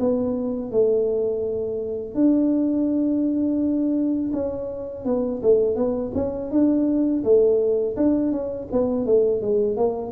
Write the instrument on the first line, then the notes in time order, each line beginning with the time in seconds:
tuba
0.00 B3
0.71 A3
2.15 D4
4.33 C#4
5.05 B3
5.43 A3
5.76 B3
6.15 C#4
6.51 D4
7.24 A3
7.97 D4
8.32 C#4
8.72 B3
9.06 A3
9.41 G#3
9.77 A#3